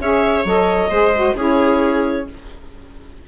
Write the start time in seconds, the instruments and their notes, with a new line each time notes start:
0.00 bassoon C#4, saxophone G#4, viola C#5, clarinet E5
0.45 bassoon F#3, saxophone A4, clarinet D#5
0.90 bassoon G#3, saxophone G#4, viola C5
1.16 saxophone F#4
1.36 bassoon C#4, saxophone E4, viola G#4, clarinet C#5